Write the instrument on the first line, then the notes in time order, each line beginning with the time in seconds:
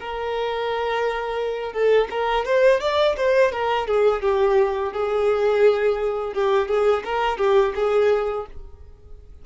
violin
0.00 A#4
1.73 A4
2.10 A#4
2.45 C5
2.80 D5
3.17 C5
3.52 A#4
3.87 G#4
4.22 G4
4.93 G#4
6.33 G4
6.68 G#4
7.04 A#4
7.38 G4
7.75 G#4